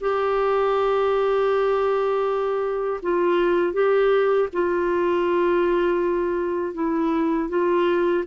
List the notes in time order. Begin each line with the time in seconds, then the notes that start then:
0.00 G4
3.02 F4
3.73 G4
4.52 F4
6.74 E4
7.49 F4